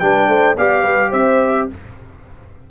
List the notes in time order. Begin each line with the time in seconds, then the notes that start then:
0.00 G3 D4 B4 G5
0.28 A3 C5
0.57 B3 G4 D5 F5
0.83 G3 B4
1.10 C4 C5 E5